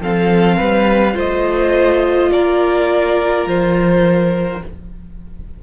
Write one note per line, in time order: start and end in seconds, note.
0.00 0.58 F3
0.00 1.13 C4
0.00 0.57 A4
0.00 1.18 F5
0.57 1.15 G3
0.57 1.14 B4
1.13 2.31 A3
1.13 4.60 F4
1.13 2.30 C5
1.13 2.32 D#5
2.32 3.46 A#3
2.32 4.63 A#4
2.32 3.47 D5
3.46 4.62 F3
3.46 4.63 C5